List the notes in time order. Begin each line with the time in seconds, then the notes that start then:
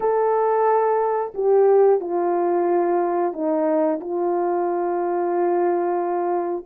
0.00 A4
1.34 G4
2.00 F4
3.33 D#4
4.00 F4